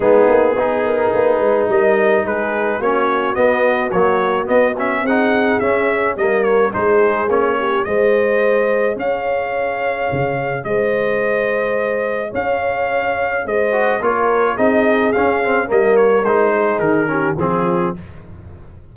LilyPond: <<
  \new Staff \with { instrumentName = "trumpet" } { \time 4/4 \tempo 4 = 107 gis'2. dis''4 | b'4 cis''4 dis''4 cis''4 | dis''8 e''8 fis''4 e''4 dis''8 cis''8 | c''4 cis''4 dis''2 |
f''2. dis''4~ | dis''2 f''2 | dis''4 cis''4 dis''4 f''4 | dis''8 cis''8 c''4 ais'4 gis'4 | }
  \new Staff \with { instrumentName = "horn" } { \time 4/4 dis'4 gis'8 ais'8 b'4 ais'4 | gis'4 fis'2.~ | fis'4 gis'2 ais'4 | gis'4. g'8 c''2 |
cis''2. c''4~ | c''2 cis''2 | c''4 ais'4 gis'2 | ais'4. gis'4 g'8 f'4 | }
  \new Staff \with { instrumentName = "trombone" } { \time 4/4 b4 dis'2.~ | dis'4 cis'4 b4 fis4 | b8 cis'8 dis'4 cis'4 ais4 | dis'4 cis'4 gis'2~ |
gis'1~ | gis'1~ | gis'8 fis'8 f'4 dis'4 cis'8 c'8 | ais4 dis'4. cis'8 c'4 | }
  \new Staff \with { instrumentName = "tuba" } { \time 4/4 gis8 ais8 b4 ais8 gis8 g4 | gis4 ais4 b4 ais4 | b4 c'4 cis'4 g4 | gis4 ais4 gis2 |
cis'2 cis4 gis4~ | gis2 cis'2 | gis4 ais4 c'4 cis'4 | g4 gis4 dis4 f4 | }
>>